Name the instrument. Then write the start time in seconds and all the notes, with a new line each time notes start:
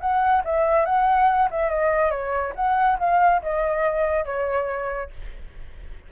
flute
0.00 F#5
0.45 E5
0.85 F#5
1.50 E5
1.69 D#5
2.10 C#5
2.56 F#5
2.99 F5
3.42 D#5
4.25 C#5